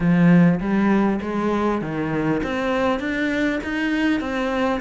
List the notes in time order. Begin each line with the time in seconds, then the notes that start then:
0.00 F3
0.59 G3
1.21 G#3
1.81 D#3
2.43 C4
2.99 D4
3.63 D#4
4.20 C4